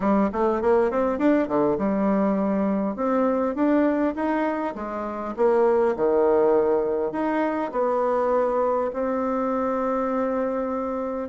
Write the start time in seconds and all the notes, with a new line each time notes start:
0.00 G3
0.32 A3
0.61 A#3
0.90 C4
1.18 D4
1.47 D3
1.77 G3
2.95 C4
3.55 D4
4.14 D#4
4.75 G#3
5.36 A#3
5.95 D#3
7.12 D#4
7.72 B3
8.93 C4